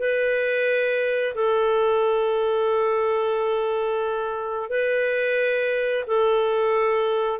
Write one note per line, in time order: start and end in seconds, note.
0.00 1.35 B4
1.35 4.70 A4
4.70 6.05 B4
6.07 7.40 A4